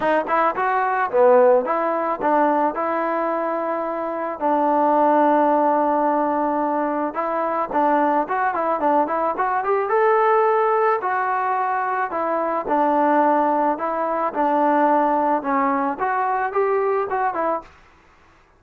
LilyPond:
\new Staff \with { instrumentName = "trombone" } { \time 4/4 \tempo 4 = 109 dis'8 e'8 fis'4 b4 e'4 | d'4 e'2. | d'1~ | d'4 e'4 d'4 fis'8 e'8 |
d'8 e'8 fis'8 g'8 a'2 | fis'2 e'4 d'4~ | d'4 e'4 d'2 | cis'4 fis'4 g'4 fis'8 e'8 | }